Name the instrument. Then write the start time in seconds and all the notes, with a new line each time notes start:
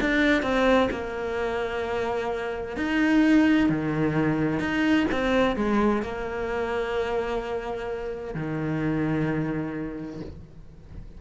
cello
0.00 D4
0.42 C4
0.90 A#3
2.77 D#4
3.69 D#3
4.59 D#4
5.11 C4
5.56 G#3
6.02 A#3
8.34 D#3